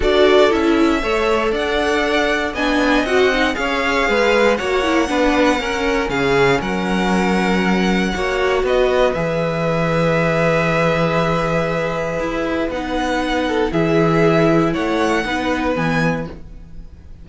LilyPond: <<
  \new Staff \with { instrumentName = "violin" } { \time 4/4 \tempo 4 = 118 d''4 e''2 fis''4~ | fis''4 gis''4 fis''4 f''4~ | f''4 fis''2. | f''4 fis''2.~ |
fis''4 dis''4 e''2~ | e''1~ | e''4 fis''2 e''4~ | e''4 fis''2 gis''4 | }
  \new Staff \with { instrumentName = "violin" } { \time 4/4 a'2 cis''4 d''4~ | d''4 dis''2 cis''4 | b'4 cis''4 b'4 ais'4 | gis'4 ais'2. |
cis''4 b'2.~ | b'1~ | b'2~ b'8 a'8 gis'4~ | gis'4 cis''4 b'2 | }
  \new Staff \with { instrumentName = "viola" } { \time 4/4 fis'4 e'4 a'2~ | a'4 d'4 fis'8 dis'8 gis'4~ | gis'4 fis'8 e'8 d'4 cis'4~ | cis'1 |
fis'2 gis'2~ | gis'1~ | gis'4 dis'2 e'4~ | e'2 dis'4 b4 | }
  \new Staff \with { instrumentName = "cello" } { \time 4/4 d'4 cis'4 a4 d'4~ | d'4 b4 c'4 cis'4 | gis4 ais4 b4 cis'4 | cis4 fis2. |
ais4 b4 e2~ | e1 | e'4 b2 e4~ | e4 a4 b4 e4 | }
>>